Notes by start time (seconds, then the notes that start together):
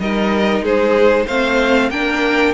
0.00 G3 D#4 A#4 D#5
0.61 G#3 G#4 C5
1.26 A3 C4 C5 F5
1.90 A#3 D4 A#4 G5